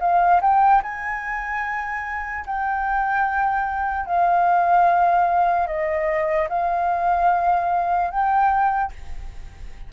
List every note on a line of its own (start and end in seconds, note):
0.00 0.41 F5
0.41 0.82 G5
0.83 2.45 G#5
2.46 4.06 G5
4.06 5.67 F5
5.67 6.48 D#5
6.49 8.11 F5
8.11 8.92 G5